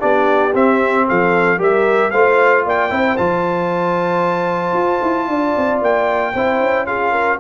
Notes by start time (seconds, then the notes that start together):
0.00 B3 D4 G4 D5
0.54 C4 E5
1.08 F3 A4 F5
1.58 G3 G4 A#4 E5
2.11 A3 F4 C5 F5
2.66 A#3 D5 G5
2.90 C4 E4 C5
3.17 F3 F4 A5
4.73 F4
5.02 E4
5.28 D4 D5
5.57 C4
5.81 A#3 G5
6.33 C4 E4 C5
6.60 C#4
6.87 F4 G#4 F5
7.12 A#4